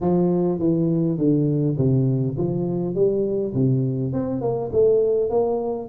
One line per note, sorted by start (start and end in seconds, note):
0.01 0.59 F3
0.59 1.17 E3
1.18 1.76 D3
1.77 2.36 C3
2.37 2.94 F3
2.94 3.53 G3
3.53 4.12 C3
4.12 4.41 C4
4.41 4.70 A#3
4.72 5.30 A3
5.30 5.88 A#3